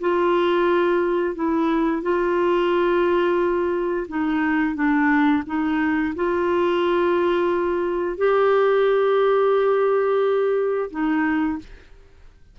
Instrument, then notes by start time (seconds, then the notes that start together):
clarinet
0.00 F4
1.35 E4
2.02 F4
4.08 D#4
4.75 D4
5.46 D#4
6.15 F4
8.18 G4
10.91 D#4